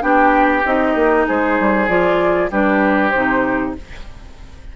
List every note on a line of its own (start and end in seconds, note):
0.00 0.63 B3
0.00 0.62 D4
0.00 1.27 G4
0.00 0.64 G5
0.65 0.95 C4
0.65 1.88 D#4
0.65 1.27 D#5
0.95 1.26 A#3
1.27 1.59 G#3
1.27 2.50 G#4
1.27 1.88 C5
1.59 1.88 G3
1.88 2.50 F3
1.88 2.50 F4
1.88 2.50 D5
2.50 3.13 G3
2.50 3.12 D4
2.50 3.74 G4
2.50 3.10 B4
3.10 3.76 C3
3.10 3.76 D#4
3.10 3.71 C5